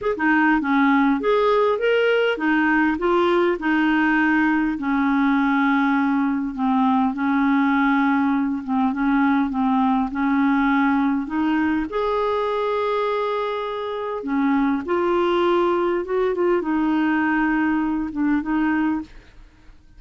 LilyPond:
\new Staff \with { instrumentName = "clarinet" } { \time 4/4 \tempo 4 = 101 gis'16 dis'8. cis'4 gis'4 ais'4 | dis'4 f'4 dis'2 | cis'2. c'4 | cis'2~ cis'8 c'8 cis'4 |
c'4 cis'2 dis'4 | gis'1 | cis'4 f'2 fis'8 f'8 | dis'2~ dis'8 d'8 dis'4 | }